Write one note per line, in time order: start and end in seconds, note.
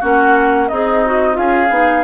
0.00 0.71 A#3
0.00 0.70 C#4
0.00 0.68 F#4
0.00 0.69 F#5
0.69 1.38 C4
0.69 1.37 D#4
0.69 1.06 G#4
0.69 1.37 D#5
1.06 1.33 F#4
1.33 1.70 C#4
1.33 1.67 F4
1.33 2.04 G#4
1.33 2.04 F5
1.70 2.04 B3
1.70 2.04 D#4